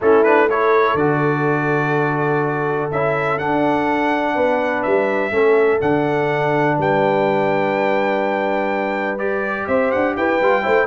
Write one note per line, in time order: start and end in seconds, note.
0.00 0.94 A3
0.00 0.25 C#4
0.00 0.49 E4
0.00 0.23 A4
0.23 0.49 D4
0.23 0.48 B4
0.49 0.98 E4
0.49 4.34 A4
0.49 0.96 C#5
0.94 2.88 D3
0.94 2.92 F#4
0.94 2.90 D5
2.91 3.39 C#4
2.91 3.39 E4
2.91 3.38 E5
3.38 5.31 D4
3.38 4.36 D4
3.38 4.82 F#5
4.34 4.85 B3
4.34 5.31 B4
4.82 5.30 G3
4.82 5.79 E5
5.30 5.79 A3
5.30 5.80 C#4
5.30 6.77 A4
5.80 6.77 D3
5.80 9.18 D4
5.80 6.77 F#5
6.77 9.67 G3
6.77 9.67 B4
6.77 9.18 G5
9.18 10.39 G4
9.18 9.66 D5
9.67 9.92 C4
9.67 10.16 C5
9.67 9.91 E5
9.91 10.16 D4
9.91 10.15 F#5
10.16 10.40 E4
10.16 10.63 B4
10.16 10.87 G5
10.40 10.64 G3
10.40 10.62 F4
10.62 10.87 A3
10.62 10.86 E4
10.62 10.87 C5